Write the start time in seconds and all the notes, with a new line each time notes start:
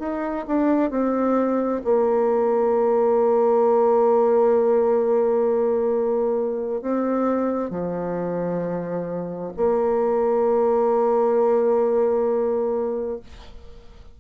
0.00 D#4
0.48 D4
0.90 C4
1.85 A#3
6.82 C4
7.71 F3
9.57 A#3